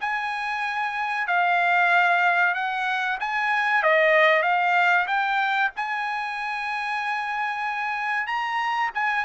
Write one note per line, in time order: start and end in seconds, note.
0.00 1.27 G#5
1.27 2.54 F5
2.54 3.18 F#5
3.20 3.82 G#5
3.82 4.42 D#5
4.42 5.06 F5
5.07 5.70 G5
5.75 8.26 G#5
8.26 8.90 A#5
8.94 9.24 G#5